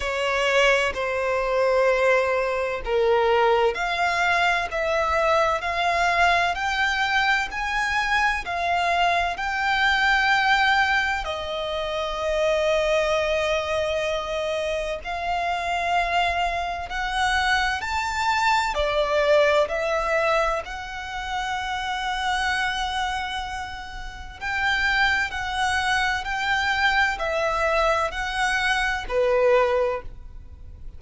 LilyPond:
\new Staff \with { instrumentName = "violin" } { \time 4/4 \tempo 4 = 64 cis''4 c''2 ais'4 | f''4 e''4 f''4 g''4 | gis''4 f''4 g''2 | dis''1 |
f''2 fis''4 a''4 | d''4 e''4 fis''2~ | fis''2 g''4 fis''4 | g''4 e''4 fis''4 b'4 | }